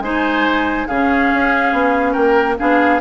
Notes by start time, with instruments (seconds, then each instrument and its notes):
0.00 bassoon G#3, clarinet D#4, oboe C5, flute G#5
0.87 bassoon C#3, clarinet C#4, oboe G#4, flute F5
1.33 bassoon C#4
1.73 bassoon B3
2.13 bassoon A#3, oboe A#4, flute G5
2.58 bassoon B3, clarinet D4, oboe G#4, flute F5